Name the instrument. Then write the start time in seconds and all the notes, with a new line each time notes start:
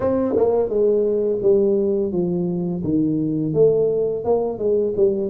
tuba
0.00 C4
0.36 A#3
0.69 G#3
1.41 G3
2.12 F3
2.83 D#3
3.53 A3
4.24 A#3
4.58 G#3
4.96 G3